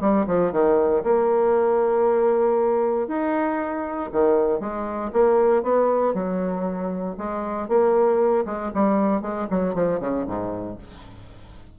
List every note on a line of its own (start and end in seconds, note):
0.00 0.26 G3
0.27 0.52 F3
0.52 1.03 D#3
1.03 3.07 A#3
3.07 4.10 D#4
4.12 4.60 D#3
4.60 5.11 G#3
5.13 5.63 A#3
5.63 6.14 B3
6.14 7.16 F#3
7.17 7.68 G#3
7.68 8.45 A#3
8.45 8.71 G#3
8.74 9.21 G3
9.21 9.47 G#3
9.50 9.74 F#3
9.74 10.00 F3
10.00 10.25 C#3
10.26 10.78 G#2